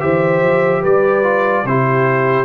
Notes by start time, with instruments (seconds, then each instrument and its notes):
0.00 tuba E3, trombone G4, horn C5, trumpet E5
0.42 tuba F3
0.82 tuba G3, horn B4, trumpet D5
1.23 trombone F4
1.64 tuba C3, trombone E4, horn G4, trumpet C5